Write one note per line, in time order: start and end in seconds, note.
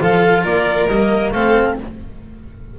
0.00 0.44 F3
0.00 0.88 F4
0.00 0.43 A4
0.00 0.44 F5
0.43 0.87 A#3
0.43 1.31 A#4
0.43 0.88 D5
0.87 1.31 G3
0.87 1.35 A#3
0.87 1.32 D#5
1.32 1.76 A3
1.32 1.79 C4
1.32 1.76 A4
1.32 1.76 F5